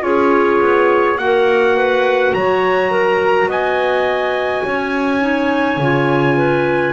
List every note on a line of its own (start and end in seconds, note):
0.00 0.59 C#4
0.00 1.15 F4
0.00 1.19 G#4
0.00 1.18 C#5
0.60 1.18 B3
1.17 2.33 A#3
1.17 5.21 F#4
1.17 1.76 A#4
1.17 2.33 F#5
1.76 2.34 B4
2.33 3.46 F#3
2.33 2.91 C#5
2.33 3.49 A#5
2.91 3.48 A#4
3.46 4.62 B3
3.46 4.64 D#5
3.46 6.93 G#5
4.65 5.77 C#4
4.65 6.37 C#5
5.21 5.78 D#4
5.77 6.92 C#3
5.77 6.93 F4
6.37 6.93 B4